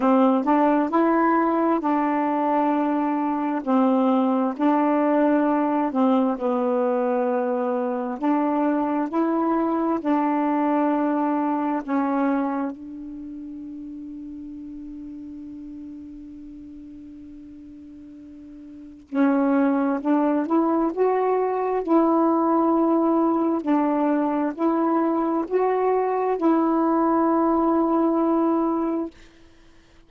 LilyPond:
\new Staff \with { instrumentName = "saxophone" } { \time 4/4 \tempo 4 = 66 c'8 d'8 e'4 d'2 | c'4 d'4. c'8 b4~ | b4 d'4 e'4 d'4~ | d'4 cis'4 d'2~ |
d'1~ | d'4 cis'4 d'8 e'8 fis'4 | e'2 d'4 e'4 | fis'4 e'2. | }